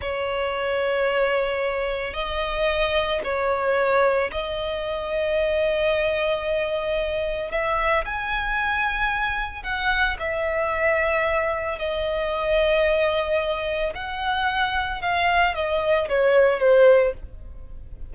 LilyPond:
\new Staff \with { instrumentName = "violin" } { \time 4/4 \tempo 4 = 112 cis''1 | dis''2 cis''2 | dis''1~ | dis''2 e''4 gis''4~ |
gis''2 fis''4 e''4~ | e''2 dis''2~ | dis''2 fis''2 | f''4 dis''4 cis''4 c''4 | }